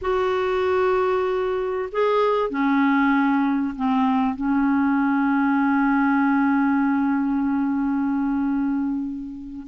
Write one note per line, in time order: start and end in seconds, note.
0.01 1.89 F#4
1.92 2.50 G#4
2.50 3.75 C#4
3.76 4.35 C4
4.35 9.66 C#4